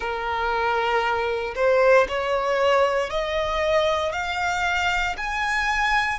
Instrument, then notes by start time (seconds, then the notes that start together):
violin
0.00 A#4
1.55 C5
2.08 C#5
3.09 D#5
4.12 F5
5.17 G#5